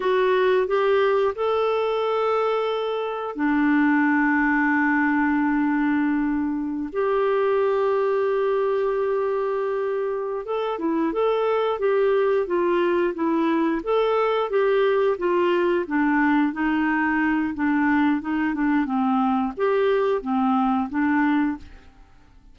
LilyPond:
\new Staff \with { instrumentName = "clarinet" } { \time 4/4 \tempo 4 = 89 fis'4 g'4 a'2~ | a'4 d'2.~ | d'2~ d'16 g'4.~ g'16~ | g'2.~ g'8 a'8 |
e'8 a'4 g'4 f'4 e'8~ | e'8 a'4 g'4 f'4 d'8~ | d'8 dis'4. d'4 dis'8 d'8 | c'4 g'4 c'4 d'4 | }